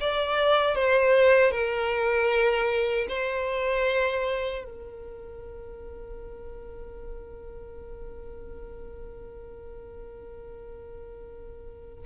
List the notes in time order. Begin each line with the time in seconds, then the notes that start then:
0.00 D5
0.75 C5
1.51 A#4
3.08 C5
4.64 A#4